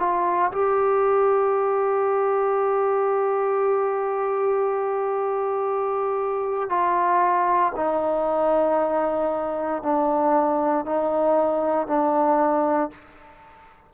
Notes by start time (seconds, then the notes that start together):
0.00 F4
0.52 G4
6.70 F4
7.76 D#4
9.83 D4
10.86 D#4
11.87 D4